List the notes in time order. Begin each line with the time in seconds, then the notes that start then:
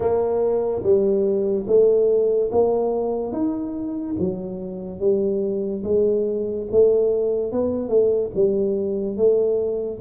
0.00 A#3
0.82 G3
1.67 A3
2.51 A#3
3.32 D#4
4.19 F#3
4.99 G3
5.83 G#3
6.71 A3
7.52 B3
7.89 A3
8.34 G3
9.16 A3